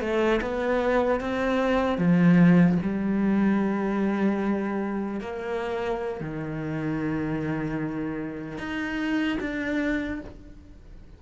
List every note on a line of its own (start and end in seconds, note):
0.00 0.40 A3
0.41 1.20 B3
1.20 1.97 C4
1.97 2.77 F3
2.82 5.20 G3
5.20 6.20 A#3
6.20 8.57 D#3
8.57 9.37 D#4
9.40 10.20 D4